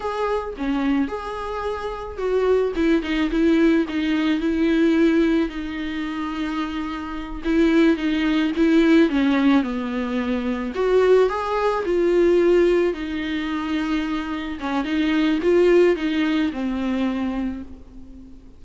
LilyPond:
\new Staff \with { instrumentName = "viola" } { \time 4/4 \tempo 4 = 109 gis'4 cis'4 gis'2 | fis'4 e'8 dis'8 e'4 dis'4 | e'2 dis'2~ | dis'4. e'4 dis'4 e'8~ |
e'8 cis'4 b2 fis'8~ | fis'8 gis'4 f'2 dis'8~ | dis'2~ dis'8 cis'8 dis'4 | f'4 dis'4 c'2 | }